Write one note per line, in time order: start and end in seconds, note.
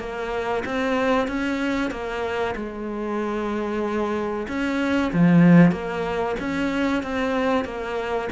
0.00 0.64 A#3
0.65 1.28 C4
1.28 1.91 C#4
1.91 2.55 A#3
2.56 4.48 G#3
4.49 5.12 C#4
5.13 5.72 F3
5.72 6.36 A#3
6.40 7.03 C#4
7.03 7.65 C4
7.65 8.29 A#3